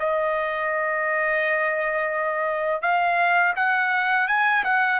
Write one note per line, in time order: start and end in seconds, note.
0.00 2.82 D#5
2.82 3.54 F5
3.56 4.28 F#5
4.28 4.64 G#5
4.64 5.00 F#5